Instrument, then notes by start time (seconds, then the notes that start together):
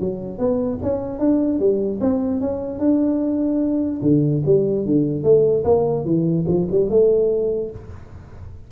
tuba
0.00 F#3
0.39 B3
0.83 C#4
1.19 D4
1.60 G3
2.01 C4
2.41 C#4
2.79 D4
4.02 D3
4.46 G3
4.86 D3
5.24 A3
5.65 A#3
6.05 E3
6.48 F3
6.71 G3
6.90 A3